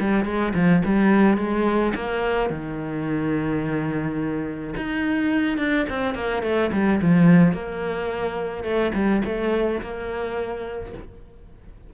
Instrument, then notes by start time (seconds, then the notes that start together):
cello
0.00 G3
0.25 G#3
0.54 F3
0.85 G3
1.38 G#3
1.95 A#3
2.50 D#3
4.77 D#4
5.58 D4
5.90 C4
6.15 A#3
6.43 A3
6.73 G3
7.01 F3
7.53 A#3
8.64 A3
8.94 G3
9.25 A3
9.82 A#3